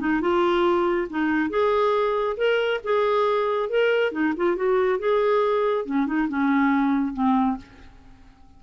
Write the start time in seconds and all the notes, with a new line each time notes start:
0.00 D#4
0.21 F4
1.10 D#4
1.50 G#4
2.37 A#4
2.84 G#4
3.70 A#4
4.12 D#4
4.37 F4
4.56 F#4
4.99 G#4
5.86 C#4
6.07 D#4
6.29 C#4
7.13 C4